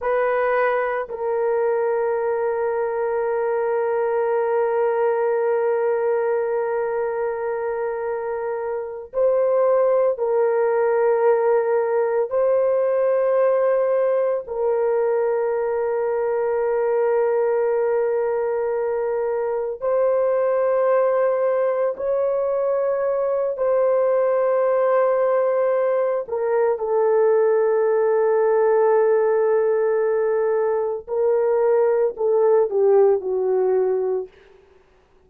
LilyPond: \new Staff \with { instrumentName = "horn" } { \time 4/4 \tempo 4 = 56 b'4 ais'2.~ | ais'1~ | ais'8 c''4 ais'2 c''8~ | c''4. ais'2~ ais'8~ |
ais'2~ ais'8 c''4.~ | c''8 cis''4. c''2~ | c''8 ais'8 a'2.~ | a'4 ais'4 a'8 g'8 fis'4 | }